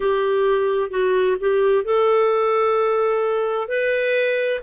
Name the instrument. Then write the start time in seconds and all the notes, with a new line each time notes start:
clarinet
0.00 G4
0.90 F#4
1.39 G4
1.84 A4
3.68 B4